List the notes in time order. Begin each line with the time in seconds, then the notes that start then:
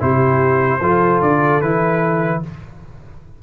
0.00 C3 E4 G4 C5
0.81 F3 F4 A4
1.22 D3 D5
1.61 E3 E4 B4